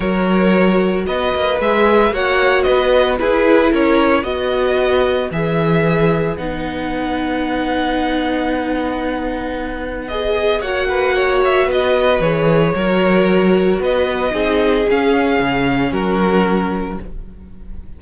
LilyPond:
<<
  \new Staff \with { instrumentName = "violin" } { \time 4/4 \tempo 4 = 113 cis''2 dis''4 e''4 | fis''4 dis''4 b'4 cis''4 | dis''2 e''2 | fis''1~ |
fis''2. dis''4 | fis''4. e''8 dis''4 cis''4~ | cis''2 dis''2 | f''2 ais'2 | }
  \new Staff \with { instrumentName = "violin" } { \time 4/4 ais'2 b'2 | cis''4 b'4 gis'4 ais'4 | b'1~ | b'1~ |
b'1 | cis''8 b'8 cis''4 b'2 | ais'2 b'4 gis'4~ | gis'2 fis'2 | }
  \new Staff \with { instrumentName = "viola" } { \time 4/4 fis'2. gis'4 | fis'2 e'2 | fis'2 gis'2 | dis'1~ |
dis'2. gis'4 | fis'2. gis'4 | fis'2. dis'4 | cis'1 | }
  \new Staff \with { instrumentName = "cello" } { \time 4/4 fis2 b8 ais8 gis4 | ais4 b4 e'4 cis'4 | b2 e2 | b1~ |
b1 | ais2 b4 e4 | fis2 b4 c'4 | cis'4 cis4 fis2 | }
>>